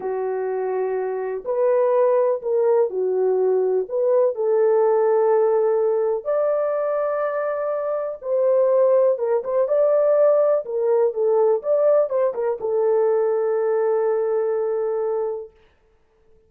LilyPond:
\new Staff \with { instrumentName = "horn" } { \time 4/4 \tempo 4 = 124 fis'2. b'4~ | b'4 ais'4 fis'2 | b'4 a'2.~ | a'4 d''2.~ |
d''4 c''2 ais'8 c''8 | d''2 ais'4 a'4 | d''4 c''8 ais'8 a'2~ | a'1 | }